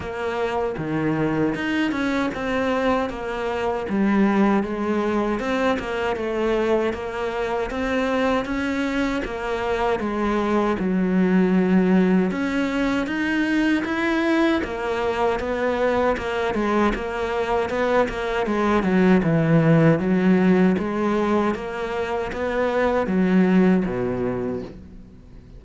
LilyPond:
\new Staff \with { instrumentName = "cello" } { \time 4/4 \tempo 4 = 78 ais4 dis4 dis'8 cis'8 c'4 | ais4 g4 gis4 c'8 ais8 | a4 ais4 c'4 cis'4 | ais4 gis4 fis2 |
cis'4 dis'4 e'4 ais4 | b4 ais8 gis8 ais4 b8 ais8 | gis8 fis8 e4 fis4 gis4 | ais4 b4 fis4 b,4 | }